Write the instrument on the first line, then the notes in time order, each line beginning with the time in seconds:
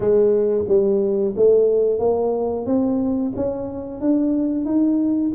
tuba
0.00 G#3
0.68 G3
1.36 A3
1.99 A#3
2.65 C4
3.35 C#4
4.01 D4
4.65 D#4